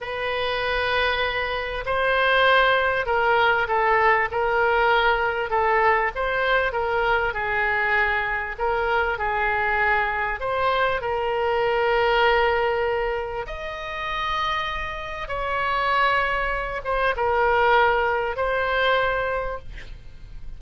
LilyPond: \new Staff \with { instrumentName = "oboe" } { \time 4/4 \tempo 4 = 98 b'2. c''4~ | c''4 ais'4 a'4 ais'4~ | ais'4 a'4 c''4 ais'4 | gis'2 ais'4 gis'4~ |
gis'4 c''4 ais'2~ | ais'2 dis''2~ | dis''4 cis''2~ cis''8 c''8 | ais'2 c''2 | }